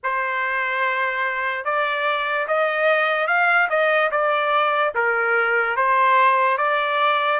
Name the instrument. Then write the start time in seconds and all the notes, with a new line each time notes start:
trumpet
0.03 C5
1.64 D5
2.47 D#5
3.27 F5
3.69 D#5
4.11 D5
4.94 A#4
5.76 C5
6.57 D5